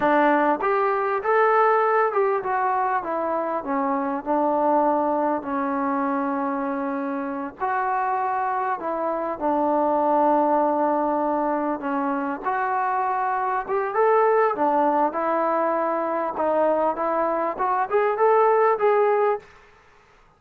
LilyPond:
\new Staff \with { instrumentName = "trombone" } { \time 4/4 \tempo 4 = 99 d'4 g'4 a'4. g'8 | fis'4 e'4 cis'4 d'4~ | d'4 cis'2.~ | cis'8 fis'2 e'4 d'8~ |
d'2.~ d'8 cis'8~ | cis'8 fis'2 g'8 a'4 | d'4 e'2 dis'4 | e'4 fis'8 gis'8 a'4 gis'4 | }